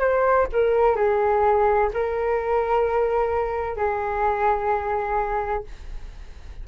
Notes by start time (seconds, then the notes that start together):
0.00 C5
0.52 A#4
0.96 G#4
1.93 A#4
3.77 G#4